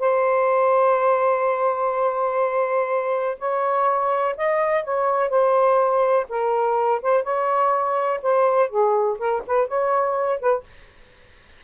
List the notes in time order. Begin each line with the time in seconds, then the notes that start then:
0.00 C5
3.39 C#5
4.38 D#5
4.84 C#5
5.30 C5
6.29 A#4
7.02 C5
7.24 C#5
8.23 C5
8.70 G#4
9.19 A#4
9.47 B4
9.68 C#5
10.40 B4